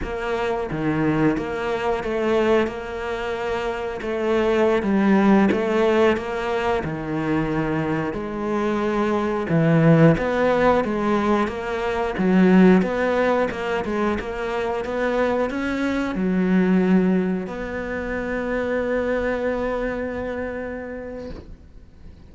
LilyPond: \new Staff \with { instrumentName = "cello" } { \time 4/4 \tempo 4 = 90 ais4 dis4 ais4 a4 | ais2 a4~ a16 g8.~ | g16 a4 ais4 dis4.~ dis16~ | dis16 gis2 e4 b8.~ |
b16 gis4 ais4 fis4 b8.~ | b16 ais8 gis8 ais4 b4 cis'8.~ | cis'16 fis2 b4.~ b16~ | b1 | }